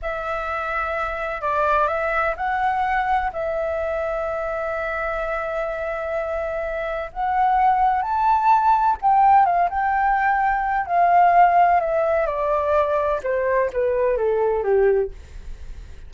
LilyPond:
\new Staff \with { instrumentName = "flute" } { \time 4/4 \tempo 4 = 127 e''2. d''4 | e''4 fis''2 e''4~ | e''1~ | e''2. fis''4~ |
fis''4 a''2 g''4 | f''8 g''2~ g''8 f''4~ | f''4 e''4 d''2 | c''4 b'4 a'4 g'4 | }